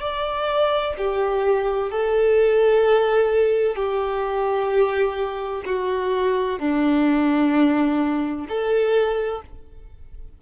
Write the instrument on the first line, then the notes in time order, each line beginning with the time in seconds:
violin
0.00 D5
0.97 G4
1.90 A4
3.75 G4
5.65 F#4
6.59 D4
8.48 A4